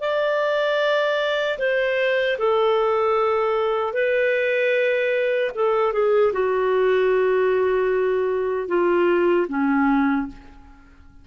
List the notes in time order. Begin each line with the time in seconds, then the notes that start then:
0.00 D5
1.58 C5
2.38 A4
3.93 B4
5.54 A4
5.92 G#4
6.32 F#4
8.68 F4
9.48 C#4